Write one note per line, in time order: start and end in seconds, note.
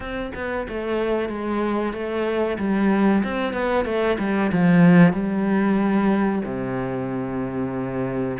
0.00 0.32 C4
0.34 0.67 B3
0.68 1.28 A3
1.28 1.93 G#3
1.93 2.57 A3
2.58 3.23 G3
3.23 3.53 C4
3.53 3.85 B3
3.85 4.17 A3
4.18 4.51 G3
4.52 5.13 F3
5.13 6.42 G3
6.44 8.38 C3